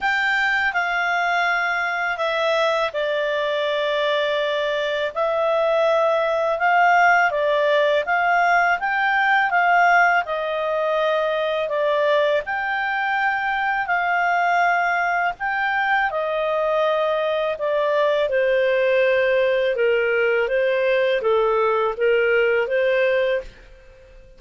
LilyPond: \new Staff \with { instrumentName = "clarinet" } { \time 4/4 \tempo 4 = 82 g''4 f''2 e''4 | d''2. e''4~ | e''4 f''4 d''4 f''4 | g''4 f''4 dis''2 |
d''4 g''2 f''4~ | f''4 g''4 dis''2 | d''4 c''2 ais'4 | c''4 a'4 ais'4 c''4 | }